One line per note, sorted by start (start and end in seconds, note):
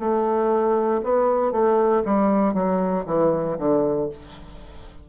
0.00 1.02 A3
1.04 1.52 B3
1.52 2.03 A3
2.06 2.54 G3
2.54 3.05 F#3
3.06 3.57 E3
3.59 4.10 D3